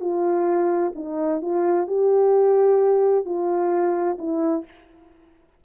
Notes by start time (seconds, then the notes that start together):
0.00 F4
0.95 D#4
1.41 F4
1.87 G4
3.25 F4
4.18 E4